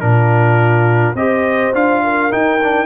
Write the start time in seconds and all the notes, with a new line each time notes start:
0.00 A#2 D4 F4 A#4
1.14 C4 G4 C5 D#5
1.73 D4 F4 F5
2.03 A#4
2.30 D#4 G5
2.62 D4